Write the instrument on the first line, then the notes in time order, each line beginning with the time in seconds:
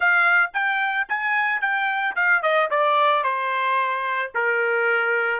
trumpet
0.00 F5
0.53 G5
1.08 G#5
1.61 G5
2.15 F5
2.42 D#5
2.70 D5
3.23 C5
4.34 A#4